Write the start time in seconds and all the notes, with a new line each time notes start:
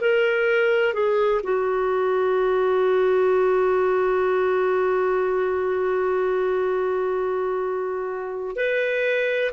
0.00 A#4
0.93 G#4
1.43 F#4
8.56 B4